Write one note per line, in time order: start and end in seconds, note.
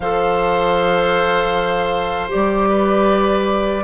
0.00 2.30 F3
0.00 2.29 A4
0.00 2.69 C5
0.00 2.30 F5
2.29 3.83 G3
2.29 3.82 G4
2.29 3.83 D5
2.69 3.83 B4